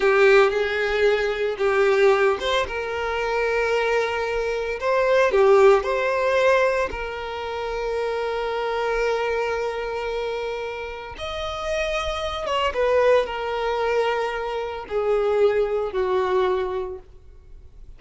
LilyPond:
\new Staff \with { instrumentName = "violin" } { \time 4/4 \tempo 4 = 113 g'4 gis'2 g'4~ | g'8 c''8 ais'2.~ | ais'4 c''4 g'4 c''4~ | c''4 ais'2.~ |
ais'1~ | ais'4 dis''2~ dis''8 cis''8 | b'4 ais'2. | gis'2 fis'2 | }